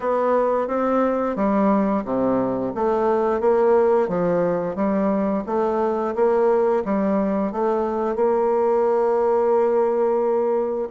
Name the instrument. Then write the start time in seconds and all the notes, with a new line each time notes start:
bassoon
0.00 B3
0.67 C4
1.35 G3
2.05 C3
2.75 A3
3.40 A#3
4.08 F3
4.75 G3
5.46 A3
6.15 A#3
6.84 G3
7.52 A3
8.15 A#3